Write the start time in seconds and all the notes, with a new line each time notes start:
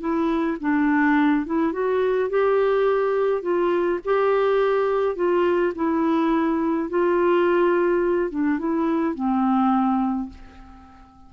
0.00 E4
0.60 D4
1.46 E4
1.72 F#4
2.30 G4
3.42 F4
4.05 G4
5.16 F4
5.75 E4
6.90 F4
8.30 D4
8.59 E4
9.15 C4